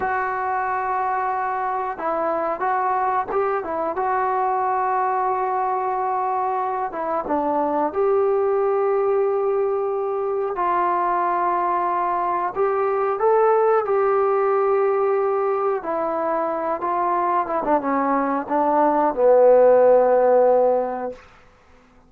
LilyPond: \new Staff \with { instrumentName = "trombone" } { \time 4/4 \tempo 4 = 91 fis'2. e'4 | fis'4 g'8 e'8 fis'2~ | fis'2~ fis'8 e'8 d'4 | g'1 |
f'2. g'4 | a'4 g'2. | e'4. f'4 e'16 d'16 cis'4 | d'4 b2. | }